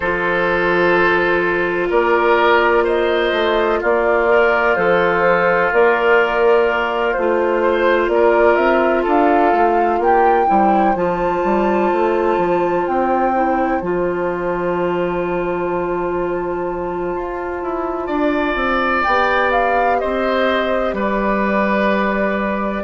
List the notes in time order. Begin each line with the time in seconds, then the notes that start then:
0.00 F3 F4 A4 C5
1.89 A#3 A#4 D5
2.84 C5 D#5
3.32 A3
3.81 A#3 F4 D5
4.29 A#4
4.75 F3 A4 C5
5.72 A#3 A#4 D5
7.12 A3 F4 C5
7.62 C5
8.08 A#3 A#4 D5
8.55 C4 E5
9.03 D4 A4 F5
9.53 A3
9.98 A#3 G4 G5
10.46 G3 E4 C5
10.95 F3 F4 A5
11.43 G3
11.92 A3
12.37 F3
12.86 C4 G5
13.34 E4
13.81 F3 F4 A5
17.14 F4
17.62 E4
18.06 D4 D5
18.55 C4
19.03 B3 G4 G5
19.51 F5
19.99 C4 C5 D#5
20.93 G3 B4 D5